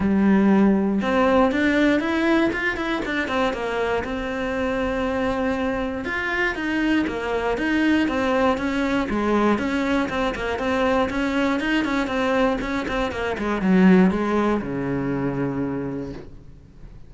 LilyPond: \new Staff \with { instrumentName = "cello" } { \time 4/4 \tempo 4 = 119 g2 c'4 d'4 | e'4 f'8 e'8 d'8 c'8 ais4 | c'1 | f'4 dis'4 ais4 dis'4 |
c'4 cis'4 gis4 cis'4 | c'8 ais8 c'4 cis'4 dis'8 cis'8 | c'4 cis'8 c'8 ais8 gis8 fis4 | gis4 cis2. | }